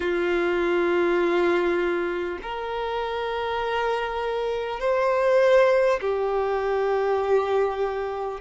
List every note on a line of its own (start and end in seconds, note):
0.00 2.38 F4
2.42 4.80 A#4
4.80 6.00 C5
6.01 8.41 G4